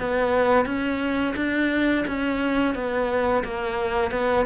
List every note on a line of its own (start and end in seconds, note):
0.00 0.66 B3
0.66 1.35 C#4
1.36 2.05 D4
2.08 2.75 C#4
2.75 3.44 B3
3.44 4.12 A#3
4.12 4.46 B3